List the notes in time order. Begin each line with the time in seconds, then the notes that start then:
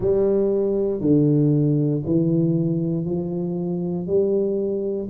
0.00 G3
1.00 D3
2.05 E3
3.05 F3
4.06 G3